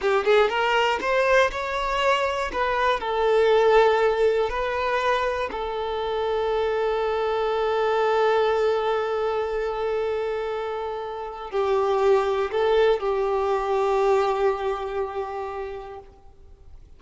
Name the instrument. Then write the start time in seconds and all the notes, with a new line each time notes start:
violin
0.01 G4
0.25 G#4
0.49 A#4
1.00 C5
1.51 C#5
2.52 B4
3.00 A4
4.49 B4
5.51 A4
11.50 G4
12.51 A4
12.99 G4